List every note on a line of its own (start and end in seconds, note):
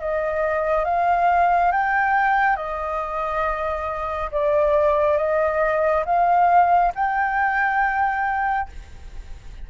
0.00 0.85 D#5
0.85 1.72 F5
1.72 2.56 G5
2.56 4.30 D#5
4.31 5.17 D5
5.17 6.04 D#5
6.06 6.92 F5
6.95 8.69 G5